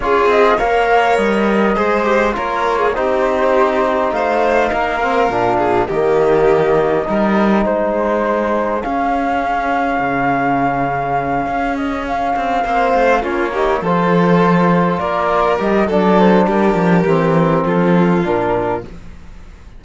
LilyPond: <<
  \new Staff \with { instrumentName = "flute" } { \time 4/4 \tempo 4 = 102 cis''8 dis''8 f''4 dis''2 | cis''4 c''2 f''4~ | f''2 dis''2~ | dis''4 c''2 f''4~ |
f''1 | dis''8 f''2 cis''4 c''8~ | c''4. d''4 dis''8 d''8 c''8 | ais'2 a'4 ais'4 | }
  \new Staff \with { instrumentName = "violin" } { \time 4/4 gis'4 cis''2 c''4 | ais'8. gis'16 g'2 c''4 | ais'4. gis'8 g'2 | ais'4 gis'2.~ |
gis'1~ | gis'4. c''4 f'8 g'8 a'8~ | a'4. ais'4. a'4 | g'2 f'2 | }
  \new Staff \with { instrumentName = "trombone" } { \time 4/4 f'4 ais'2 gis'8 g'8 | f'4 dis'2.~ | dis'8 c'8 d'4 ais2 | dis'2. cis'4~ |
cis'1~ | cis'4. c'4 cis'8 dis'8 f'8~ | f'2~ f'8 g'8 d'4~ | d'4 c'2 d'4 | }
  \new Staff \with { instrumentName = "cello" } { \time 4/4 cis'8 c'8 ais4 g4 gis4 | ais4 c'2 a4 | ais4 ais,4 dis2 | g4 gis2 cis'4~ |
cis'4 cis2~ cis8 cis'8~ | cis'4 c'8 ais8 a8 ais4 f8~ | f4. ais4 g8 fis4 | g8 f8 e4 f4 ais,4 | }
>>